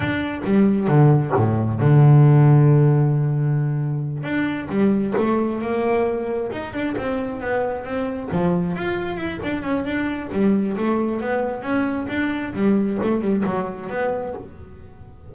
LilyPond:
\new Staff \with { instrumentName = "double bass" } { \time 4/4 \tempo 4 = 134 d'4 g4 d4 a,4 | d1~ | d4. d'4 g4 a8~ | a8 ais2 dis'8 d'8 c'8~ |
c'8 b4 c'4 f4 f'8~ | f'8 e'8 d'8 cis'8 d'4 g4 | a4 b4 cis'4 d'4 | g4 a8 g8 fis4 b4 | }